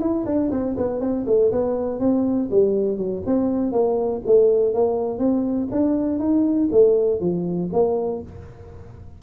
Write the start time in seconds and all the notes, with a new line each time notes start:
0.00 E4
0.26 D4
0.50 C4
0.77 B3
1.00 C4
1.26 A3
1.51 B3
2.00 C4
2.51 G3
2.97 F#3
3.26 C4
3.72 A#3
4.26 A3
4.74 A#3
5.18 C4
5.71 D4
6.19 D#4
6.71 A3
7.20 F3
7.73 A#3